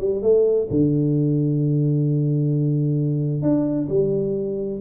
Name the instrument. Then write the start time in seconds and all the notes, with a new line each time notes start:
tuba
0.00 G3
0.22 A3
0.70 D3
3.42 D4
3.89 G3